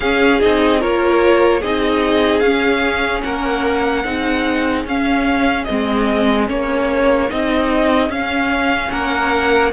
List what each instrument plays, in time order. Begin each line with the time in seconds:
0.00 cello C#4, viola C#4, violin G#4 F5
0.41 cello C4, viola D#4, violin D#5
0.79 cello A#3, viola F4, violin A#4 C#5
1.60 cello C4, viola D#4, violin G#4 D#5
2.39 cello C#4, viola C#4, violin F5
3.22 cello A#3, violin A#4 F#5
4.04 cello C4, viola D#4, violin G#4
4.85 cello C#4, viola C#4, violin F5
5.64 cello G#3, viola C4, violin D#5
6.47 cello A#3, viola C#4, violin C#5
7.29 cello C4, viola D#4, violin D#5
8.09 cello C#4, viola C#4, violin F5
8.91 cello A#3, violin A#4 F#5